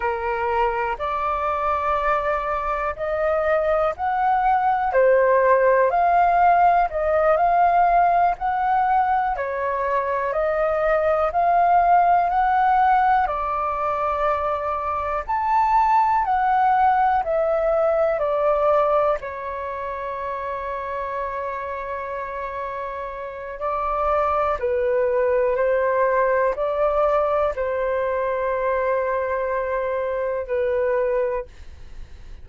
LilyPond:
\new Staff \with { instrumentName = "flute" } { \time 4/4 \tempo 4 = 61 ais'4 d''2 dis''4 | fis''4 c''4 f''4 dis''8 f''8~ | f''8 fis''4 cis''4 dis''4 f''8~ | f''8 fis''4 d''2 a''8~ |
a''8 fis''4 e''4 d''4 cis''8~ | cis''1 | d''4 b'4 c''4 d''4 | c''2. b'4 | }